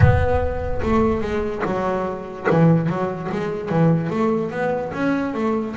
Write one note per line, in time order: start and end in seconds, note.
0.00 0.81 B3
0.82 1.21 A3
1.21 1.62 G#3
1.65 2.47 F#3
2.50 2.89 E3
2.89 3.30 F#3
3.31 3.69 G#3
3.69 4.09 E3
4.09 4.50 A3
4.50 4.91 B3
4.93 5.33 C#4
5.33 5.75 A3